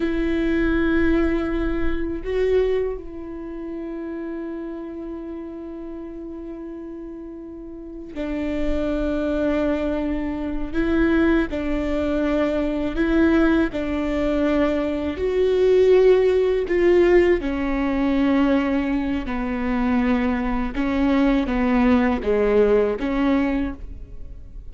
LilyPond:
\new Staff \with { instrumentName = "viola" } { \time 4/4 \tempo 4 = 81 e'2. fis'4 | e'1~ | e'2. d'4~ | d'2~ d'8 e'4 d'8~ |
d'4. e'4 d'4.~ | d'8 fis'2 f'4 cis'8~ | cis'2 b2 | cis'4 b4 gis4 cis'4 | }